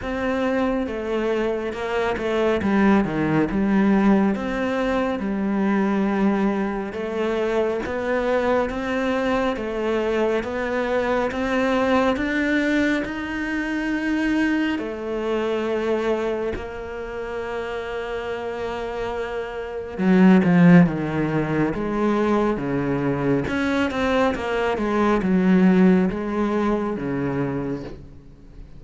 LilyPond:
\new Staff \with { instrumentName = "cello" } { \time 4/4 \tempo 4 = 69 c'4 a4 ais8 a8 g8 dis8 | g4 c'4 g2 | a4 b4 c'4 a4 | b4 c'4 d'4 dis'4~ |
dis'4 a2 ais4~ | ais2. fis8 f8 | dis4 gis4 cis4 cis'8 c'8 | ais8 gis8 fis4 gis4 cis4 | }